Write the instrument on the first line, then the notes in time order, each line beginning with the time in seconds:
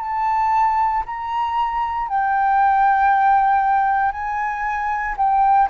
flute
0.00 A5
1.06 A#5
2.08 G5
4.12 G#5
5.17 G5